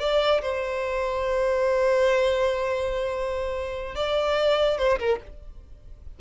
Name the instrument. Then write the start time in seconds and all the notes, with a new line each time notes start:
violin
0.00 D5
0.42 C5
3.95 D5
4.78 C5
5.00 A#4